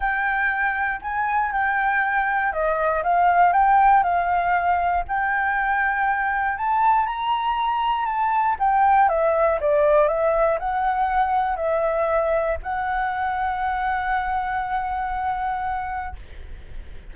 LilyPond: \new Staff \with { instrumentName = "flute" } { \time 4/4 \tempo 4 = 119 g''2 gis''4 g''4~ | g''4 dis''4 f''4 g''4 | f''2 g''2~ | g''4 a''4 ais''2 |
a''4 g''4 e''4 d''4 | e''4 fis''2 e''4~ | e''4 fis''2.~ | fis''1 | }